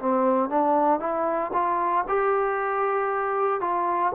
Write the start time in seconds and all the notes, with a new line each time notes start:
0.00 C4
0.50 D4
1.00 E4
1.53 F4
2.09 G4
3.61 F4